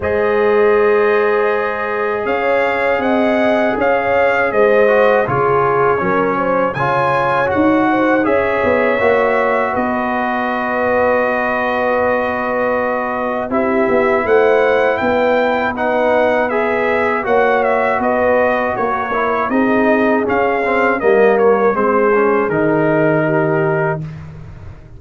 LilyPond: <<
  \new Staff \with { instrumentName = "trumpet" } { \time 4/4 \tempo 4 = 80 dis''2. f''4 | fis''4 f''4 dis''4 cis''4~ | cis''4 gis''4 fis''4 e''4~ | e''4 dis''2.~ |
dis''2 e''4 fis''4 | g''4 fis''4 e''4 fis''8 e''8 | dis''4 cis''4 dis''4 f''4 | dis''8 cis''8 c''4 ais'2 | }
  \new Staff \with { instrumentName = "horn" } { \time 4/4 c''2. cis''4 | dis''4 cis''4 c''4 gis'4 | ais'8 c''8 cis''4. c''8 cis''4~ | cis''4 b'2.~ |
b'2 g'4 c''4 | b'2. cis''4 | b'4 ais'4 gis'2 | ais'4 gis'2 g'4 | }
  \new Staff \with { instrumentName = "trombone" } { \time 4/4 gis'1~ | gis'2~ gis'8 fis'8 f'4 | cis'4 f'4 fis'4 gis'4 | fis'1~ |
fis'2 e'2~ | e'4 dis'4 gis'4 fis'4~ | fis'4. e'8 dis'4 cis'8 c'8 | ais4 c'8 cis'8 dis'2 | }
  \new Staff \with { instrumentName = "tuba" } { \time 4/4 gis2. cis'4 | c'4 cis'4 gis4 cis4 | fis4 cis4 dis'4 cis'8 b8 | ais4 b2.~ |
b2 c'8 b8 a4 | b2. ais4 | b4 ais4 c'4 cis'4 | g4 gis4 dis2 | }
>>